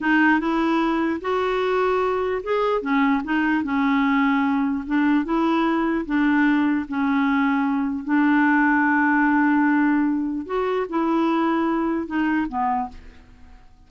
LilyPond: \new Staff \with { instrumentName = "clarinet" } { \time 4/4 \tempo 4 = 149 dis'4 e'2 fis'4~ | fis'2 gis'4 cis'4 | dis'4 cis'2. | d'4 e'2 d'4~ |
d'4 cis'2. | d'1~ | d'2 fis'4 e'4~ | e'2 dis'4 b4 | }